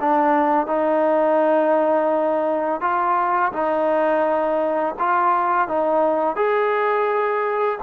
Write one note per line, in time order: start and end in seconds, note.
0.00 0.67 D4
0.67 2.80 D#4
2.80 3.52 F4
3.52 4.95 D#4
4.99 5.68 F4
5.68 6.36 D#4
6.36 7.79 G#4